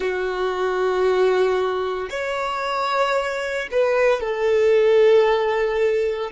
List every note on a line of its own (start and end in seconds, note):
0.00 2.09 F#4
2.10 3.67 C#5
3.71 4.20 B4
4.20 6.31 A4